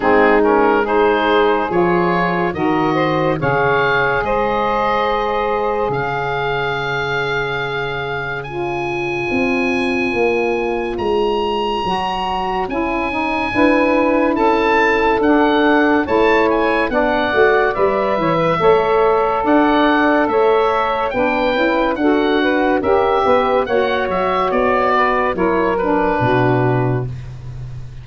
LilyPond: <<
  \new Staff \with { instrumentName = "oboe" } { \time 4/4 \tempo 4 = 71 gis'8 ais'8 c''4 cis''4 dis''4 | f''4 dis''2 f''4~ | f''2 gis''2~ | gis''4 ais''2 gis''4~ |
gis''4 a''4 fis''4 a''8 gis''8 | fis''4 e''2 fis''4 | e''4 g''4 fis''4 e''4 | fis''8 e''8 d''4 cis''8 b'4. | }
  \new Staff \with { instrumentName = "saxophone" } { \time 4/4 dis'4 gis'2 ais'8 c''8 | cis''4 c''2 cis''4~ | cis''1~ | cis''1 |
b'4 a'2 cis''4 | d''4. cis''16 b'16 cis''4 d''4 | cis''4 b'4 a'8 b'8 ais'8 b'8 | cis''4. b'8 ais'4 fis'4 | }
  \new Staff \with { instrumentName = "saxophone" } { \time 4/4 c'8 cis'8 dis'4 f'4 fis'4 | gis'1~ | gis'2 f'2~ | f'2 fis'4 e'8 dis'8 |
e'2 d'4 e'4 | d'8 fis'8 b'4 a'2~ | a'4 d'8 e'8 fis'4 g'4 | fis'2 e'8 d'4. | }
  \new Staff \with { instrumentName = "tuba" } { \time 4/4 gis2 f4 dis4 | cis4 gis2 cis4~ | cis2. c'4 | ais4 gis4 fis4 cis'4 |
d'4 cis'4 d'4 a4 | b8 a8 g8 e8 a4 d'4 | a4 b8 cis'8 d'4 cis'8 b8 | ais8 fis8 b4 fis4 b,4 | }
>>